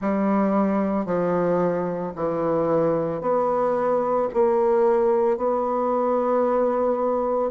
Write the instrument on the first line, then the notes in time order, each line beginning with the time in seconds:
bassoon
0.01 G3
1.05 F3
2.15 E3
3.21 B3
4.33 A#3
5.37 B3